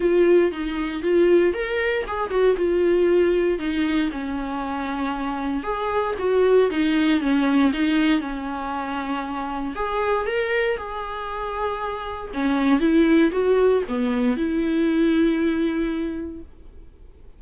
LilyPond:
\new Staff \with { instrumentName = "viola" } { \time 4/4 \tempo 4 = 117 f'4 dis'4 f'4 ais'4 | gis'8 fis'8 f'2 dis'4 | cis'2. gis'4 | fis'4 dis'4 cis'4 dis'4 |
cis'2. gis'4 | ais'4 gis'2. | cis'4 e'4 fis'4 b4 | e'1 | }